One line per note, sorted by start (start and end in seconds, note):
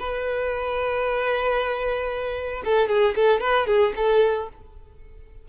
0.00 2.63 B4
2.65 2.89 A4
2.89 3.15 G#4
3.16 3.41 A4
3.41 3.67 B4
3.67 3.94 G#4
3.96 4.49 A4